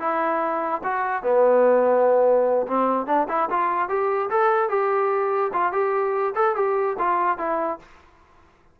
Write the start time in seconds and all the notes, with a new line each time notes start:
0.00 E4
0.84 F#4
1.23 B3
2.67 C4
3.07 D4
3.29 E4
3.50 F4
3.89 G4
4.30 A4
4.70 G4
5.53 F4
5.73 G4
6.35 A4
6.56 G4
6.99 F4
7.39 E4